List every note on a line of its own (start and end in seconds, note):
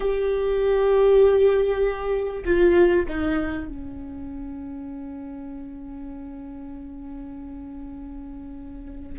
0.00 2.44 G4
2.45 3.06 F4
3.08 3.68 D#4
3.68 9.19 C#4